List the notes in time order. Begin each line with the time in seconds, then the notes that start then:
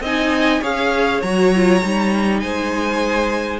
0.00 C4 D#4 D#5 G#5
0.60 C#4 G#4 C#5 F5
1.21 F#3 F#4 A#5
1.54 F4
1.81 G3 D#4
2.39 G#3 C5 G#5